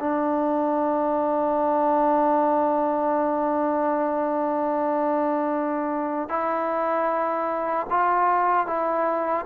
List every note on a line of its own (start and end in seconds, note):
0.00 6.29 D4
6.29 7.87 E4
7.90 8.67 F4
8.67 9.46 E4